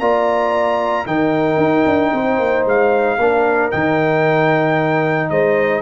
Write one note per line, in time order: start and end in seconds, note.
0.00 1.06 A#3
0.00 1.06 F4
0.00 1.07 D5
0.00 1.06 A#5
1.06 1.58 D#3
1.06 3.19 D#4
1.06 2.13 A#4
1.06 2.66 G5
1.58 1.84 D#4
1.86 2.13 D4
2.13 2.39 C4
2.13 3.20 C5
2.39 2.66 A#3
2.66 3.18 G#3
2.66 3.71 F5
3.18 3.71 A#3
3.18 3.72 D4
3.18 5.31 A#4
3.71 5.31 D#3
3.71 5.82 D#4
3.71 5.30 G5
5.30 5.82 G#3
5.30 5.82 C5
5.30 5.82 D#5